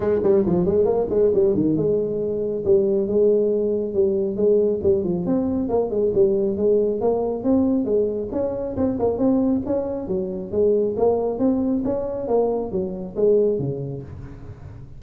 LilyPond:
\new Staff \with { instrumentName = "tuba" } { \time 4/4 \tempo 4 = 137 gis8 g8 f8 gis8 ais8 gis8 g8 dis8 | gis2 g4 gis4~ | gis4 g4 gis4 g8 f8 | c'4 ais8 gis8 g4 gis4 |
ais4 c'4 gis4 cis'4 | c'8 ais8 c'4 cis'4 fis4 | gis4 ais4 c'4 cis'4 | ais4 fis4 gis4 cis4 | }